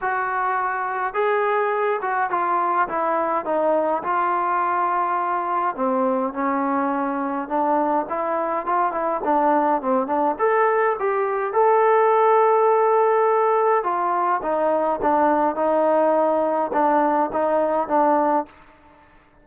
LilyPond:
\new Staff \with { instrumentName = "trombone" } { \time 4/4 \tempo 4 = 104 fis'2 gis'4. fis'8 | f'4 e'4 dis'4 f'4~ | f'2 c'4 cis'4~ | cis'4 d'4 e'4 f'8 e'8 |
d'4 c'8 d'8 a'4 g'4 | a'1 | f'4 dis'4 d'4 dis'4~ | dis'4 d'4 dis'4 d'4 | }